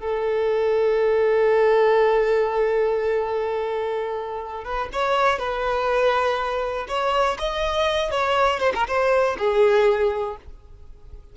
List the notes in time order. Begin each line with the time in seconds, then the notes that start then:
0.00 A4
4.65 B4
4.93 C#5
5.39 B4
6.88 C#5
7.39 D#5
8.11 C#5
8.60 C5
8.75 A#4
8.87 C5
9.39 G#4